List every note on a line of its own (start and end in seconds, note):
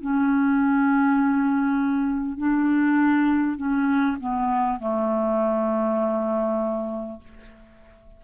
0.00 2.37 C#4
2.37 3.56 D4
3.56 4.16 C#4
4.19 4.79 B3
4.79 7.19 A3